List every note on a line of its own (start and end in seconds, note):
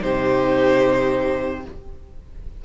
0.00 1.65 C3
0.00 1.62 D#4
0.00 1.65 G4
0.00 1.65 C5